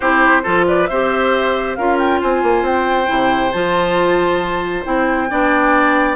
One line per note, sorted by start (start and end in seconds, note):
0.00 0.44 C4
0.00 0.43 E4
0.00 0.42 G4
0.00 0.65 C5
0.43 0.90 F3
0.43 0.87 F4
0.43 0.65 A4
0.67 0.89 B4
0.67 0.87 D5
0.87 1.77 C4
0.87 1.78 G4
0.87 1.77 C5
0.87 1.75 E5
1.75 2.22 C#4
1.75 3.06 F4
1.75 2.20 A#4
1.75 1.97 F5
1.98 2.20 G5
2.20 2.42 C4
2.20 5.29 C5
2.20 2.65 G#5
2.42 2.62 A#3
2.62 3.06 C4
2.62 3.52 G5
3.06 3.53 C3
3.06 3.50 E4
3.52 4.85 F3
3.52 4.84 F4
3.52 4.84 A5
4.84 5.30 C4
4.84 5.28 E4
4.84 6.16 G5
5.29 6.16 B3
5.29 6.16 D4
5.29 6.16 D5